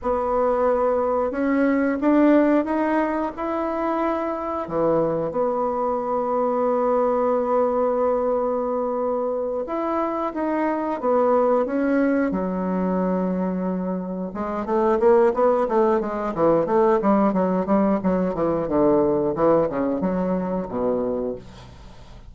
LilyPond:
\new Staff \with { instrumentName = "bassoon" } { \time 4/4 \tempo 4 = 90 b2 cis'4 d'4 | dis'4 e'2 e4 | b1~ | b2~ b8 e'4 dis'8~ |
dis'8 b4 cis'4 fis4.~ | fis4. gis8 a8 ais8 b8 a8 | gis8 e8 a8 g8 fis8 g8 fis8 e8 | d4 e8 cis8 fis4 b,4 | }